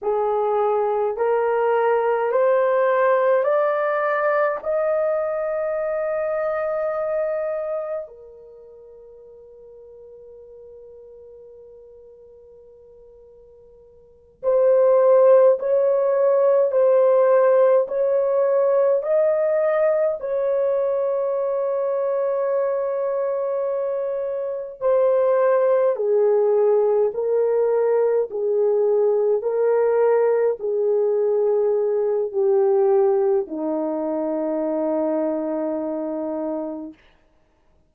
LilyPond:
\new Staff \with { instrumentName = "horn" } { \time 4/4 \tempo 4 = 52 gis'4 ais'4 c''4 d''4 | dis''2. ais'4~ | ais'1~ | ais'8 c''4 cis''4 c''4 cis''8~ |
cis''8 dis''4 cis''2~ cis''8~ | cis''4. c''4 gis'4 ais'8~ | ais'8 gis'4 ais'4 gis'4. | g'4 dis'2. | }